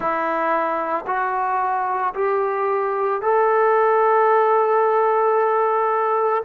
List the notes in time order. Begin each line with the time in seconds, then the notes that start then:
0.00 E4
1.06 F#4
2.14 G4
3.21 A4